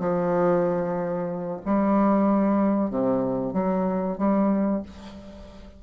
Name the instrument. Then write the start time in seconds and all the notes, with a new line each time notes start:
bassoon
0.00 F3
1.66 G3
2.91 C3
3.54 F#3
4.18 G3